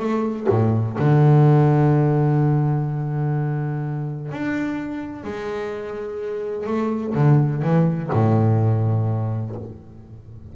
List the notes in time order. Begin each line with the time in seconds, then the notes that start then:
0.00 A3
0.49 A2
0.99 D3
4.32 D4
5.24 G#3
6.67 A3
7.15 D3
7.63 E3
8.13 A2